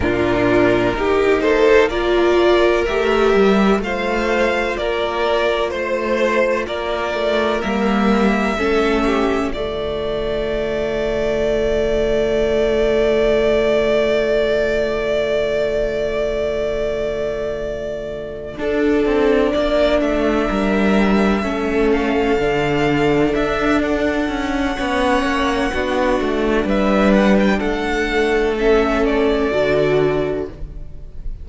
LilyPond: <<
  \new Staff \with { instrumentName = "violin" } { \time 4/4 \tempo 4 = 63 ais'4. c''8 d''4 e''4 | f''4 d''4 c''4 d''4 | e''2 d''2~ | d''1~ |
d''2.~ d''8 a'8~ | a'8 d''8 e''2 f''4~ | f''8 e''8 fis''2. | e''8 fis''16 g''16 fis''4 e''8 d''4. | }
  \new Staff \with { instrumentName = "violin" } { \time 4/4 f'4 g'8 a'8 ais'2 | c''4 ais'4 c''4 ais'4~ | ais'4 a'8 g'8 f'2~ | f'1~ |
f'1~ | f'4. ais'4 a'4.~ | a'2 cis''4 fis'4 | b'4 a'2. | }
  \new Staff \with { instrumentName = "viola" } { \time 4/4 d'4 dis'4 f'4 g'4 | f'1 | ais4 cis'4 a2~ | a1~ |
a2.~ a8 d'8~ | d'2~ d'8 cis'4 d'8~ | d'2 cis'4 d'4~ | d'2 cis'4 fis'4 | }
  \new Staff \with { instrumentName = "cello" } { \time 4/4 ais,4 ais2 a8 g8 | a4 ais4 a4 ais8 a8 | g4 a4 d2~ | d1~ |
d2.~ d8 d'8 | c'8 ais8 a8 g4 a4 d8~ | d8 d'4 cis'8 b8 ais8 b8 a8 | g4 a2 d4 | }
>>